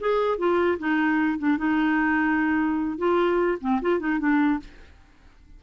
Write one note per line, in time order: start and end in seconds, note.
0.00 0.38 G#4
0.38 0.78 F4
0.79 1.39 D#4
1.39 1.57 D4
1.57 2.98 D#4
2.98 3.58 F4
3.61 3.81 C4
3.81 3.99 F4
3.99 4.19 D#4
4.19 4.59 D4